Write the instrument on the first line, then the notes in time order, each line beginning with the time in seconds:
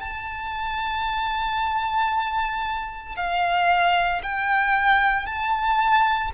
violin
0.00 A5
3.16 F5
4.22 G5
5.26 A5